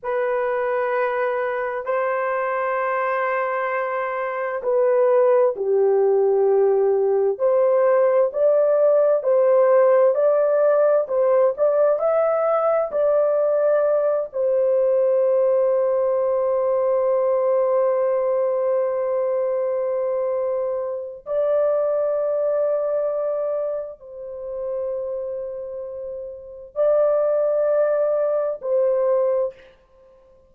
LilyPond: \new Staff \with { instrumentName = "horn" } { \time 4/4 \tempo 4 = 65 b'2 c''2~ | c''4 b'4 g'2 | c''4 d''4 c''4 d''4 | c''8 d''8 e''4 d''4. c''8~ |
c''1~ | c''2. d''4~ | d''2 c''2~ | c''4 d''2 c''4 | }